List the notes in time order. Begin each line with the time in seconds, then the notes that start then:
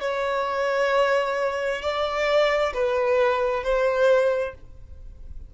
0.00 C#5
1.82 D5
2.74 B4
3.63 C5